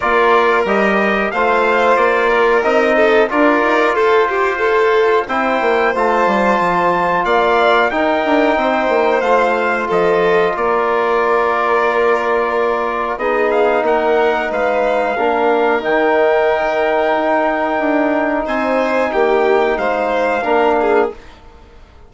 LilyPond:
<<
  \new Staff \with { instrumentName = "trumpet" } { \time 4/4 \tempo 4 = 91 d''4 dis''4 f''4 d''4 | dis''4 d''4 c''2 | g''4 a''2 f''4 | g''2 f''4 dis''4 |
d''1 | dis''8 f''8 fis''4 f''2 | g''1 | gis''4 g''4 f''2 | }
  \new Staff \with { instrumentName = "violin" } { \time 4/4 ais'2 c''4. ais'8~ | ais'8 a'8 ais'4 a'8 g'8 a'4 | c''2. d''4 | ais'4 c''2 a'4 |
ais'1 | gis'4 ais'4 b'4 ais'4~ | ais'1 | c''4 g'4 c''4 ais'8 gis'8 | }
  \new Staff \with { instrumentName = "trombone" } { \time 4/4 f'4 g'4 f'2 | dis'4 f'2. | e'4 f'2. | dis'2 f'2~ |
f'1 | dis'2. d'4 | dis'1~ | dis'2. d'4 | }
  \new Staff \with { instrumentName = "bassoon" } { \time 4/4 ais4 g4 a4 ais4 | c'4 d'8 dis'8 f'2 | c'8 ais8 a8 g8 f4 ais4 | dis'8 d'8 c'8 ais8 a4 f4 |
ais1 | b4 ais4 gis4 ais4 | dis2 dis'4 d'4 | c'4 ais4 gis4 ais4 | }
>>